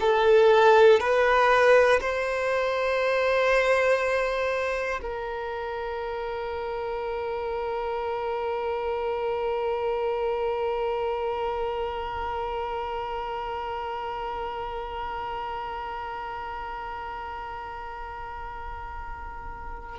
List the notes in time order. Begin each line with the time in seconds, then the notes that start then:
0.00 A4
0.99 B4
2.00 C5
5.01 A#4